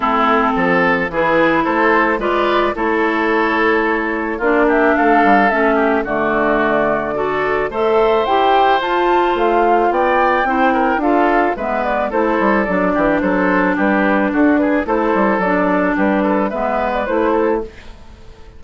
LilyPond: <<
  \new Staff \with { instrumentName = "flute" } { \time 4/4 \tempo 4 = 109 a'2 b'4 c''4 | d''4 cis''2. | d''8 e''8 f''4 e''4 d''4~ | d''2 e''4 g''4 |
a''4 f''4 g''2 | f''4 e''8 d''8 c''4 d''4 | c''4 b'4 a'8 b'8 c''4 | d''4 b'4 e''8. d''16 c''4 | }
  \new Staff \with { instrumentName = "oboe" } { \time 4/4 e'4 a'4 gis'4 a'4 | b'4 a'2. | f'8 g'8 a'4. g'8 fis'4~ | fis'4 a'4 c''2~ |
c''2 d''4 c''8 ais'8 | a'4 b'4 a'4. g'8 | a'4 g'4 fis'8 gis'8 a'4~ | a'4 g'8 a'8 b'4. a'8 | }
  \new Staff \with { instrumentName = "clarinet" } { \time 4/4 c'2 e'2 | f'4 e'2. | d'2 cis'4 a4~ | a4 fis'4 a'4 g'4 |
f'2. e'4 | f'4 b4 e'4 d'4~ | d'2. e'4 | d'2 b4 e'4 | }
  \new Staff \with { instrumentName = "bassoon" } { \time 4/4 a4 f4 e4 a4 | gis4 a2. | ais4 a8 g8 a4 d4~ | d2 a4 e'4 |
f'4 a4 b4 c'4 | d'4 gis4 a8 g8 fis8 e8 | fis4 g4 d'4 a8 g8 | fis4 g4 gis4 a4 | }
>>